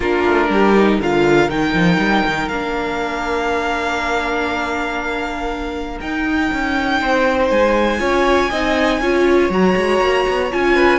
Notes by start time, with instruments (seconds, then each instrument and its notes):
0.00 cello A#3, viola D4, violin F4 A#4
0.25 cello A3
0.49 cello G3, violin G4
0.76 viola D#4
0.98 cello D3, viola F4, violin A#4 F5
1.49 cello D#3, viola D#4, violin G5
1.74 cello F3
1.97 cello G3
2.25 cello D#3
2.48 cello A#3, viola D4, violin F5
6.00 cello D#4, viola D#4, violin G5
6.52 cello C#4
7.01 cello C4, violin C5
7.50 cello G#3, violin G#5
7.98 cello C#4, viola F4, violin C#5
8.49 cello C4, viola D#4, violin D#5
9.00 cello C#4, viola F4, violin C#5
9.49 cello F#3, viola F#4, violin A#5
9.75 cello G#3
10.00 cello A#3
10.27 cello B3
10.51 cello C#4, viola F4, violin G#5
10.75 violin B4